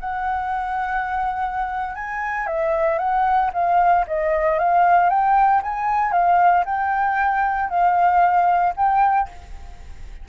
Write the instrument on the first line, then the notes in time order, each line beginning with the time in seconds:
flute
0.00 F#5
1.95 G#5
2.47 E5
2.99 F#5
3.53 F5
4.07 D#5
4.59 F5
5.10 G5
5.63 G#5
6.12 F5
6.65 G5
7.70 F5
8.77 G5